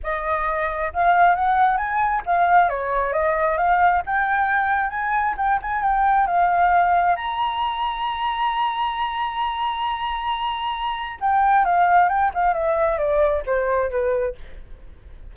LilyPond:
\new Staff \with { instrumentName = "flute" } { \time 4/4 \tempo 4 = 134 dis''2 f''4 fis''4 | gis''4 f''4 cis''4 dis''4 | f''4 g''2 gis''4 | g''8 gis''8 g''4 f''2 |
ais''1~ | ais''1~ | ais''4 g''4 f''4 g''8 f''8 | e''4 d''4 c''4 b'4 | }